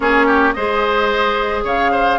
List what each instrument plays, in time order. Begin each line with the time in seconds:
0.00 bassoon A#3, clarinet C#4, oboe G#4, flute C#5
0.26 oboe G4
0.53 bassoon G#3, clarinet G#4, oboe C5, flute D#5
1.64 bassoon C#3, oboe C#5, flute F5
1.91 oboe C5